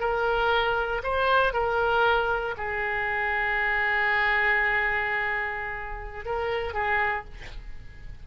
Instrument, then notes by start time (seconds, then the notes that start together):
oboe
0.00 A#4
1.03 C5
1.53 A#4
2.57 G#4
6.25 A#4
6.73 G#4